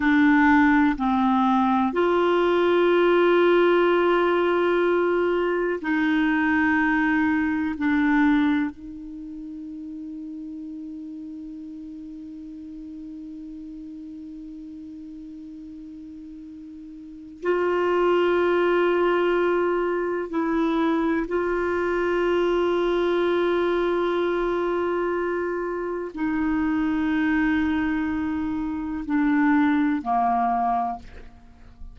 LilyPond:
\new Staff \with { instrumentName = "clarinet" } { \time 4/4 \tempo 4 = 62 d'4 c'4 f'2~ | f'2 dis'2 | d'4 dis'2.~ | dis'1~ |
dis'2 f'2~ | f'4 e'4 f'2~ | f'2. dis'4~ | dis'2 d'4 ais4 | }